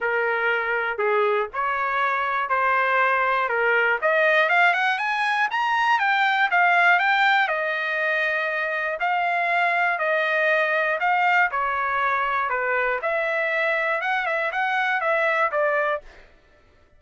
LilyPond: \new Staff \with { instrumentName = "trumpet" } { \time 4/4 \tempo 4 = 120 ais'2 gis'4 cis''4~ | cis''4 c''2 ais'4 | dis''4 f''8 fis''8 gis''4 ais''4 | g''4 f''4 g''4 dis''4~ |
dis''2 f''2 | dis''2 f''4 cis''4~ | cis''4 b'4 e''2 | fis''8 e''8 fis''4 e''4 d''4 | }